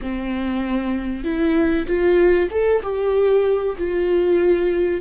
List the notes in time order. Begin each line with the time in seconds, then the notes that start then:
0.01 C4
1.23 E4
1.86 F4
2.50 A4
2.82 G4
3.78 F4